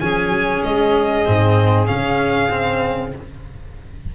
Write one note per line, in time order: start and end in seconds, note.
0.00 0.29 F3
0.00 1.26 C#4
0.00 3.14 G#4
0.00 0.62 G#5
0.29 0.60 F#3
0.63 1.26 G#3
0.63 1.87 D#5
1.26 1.89 G#2
1.26 1.87 C4
1.87 3.15 C#3
1.87 2.49 C#4
1.87 3.12 F5
2.50 3.12 C4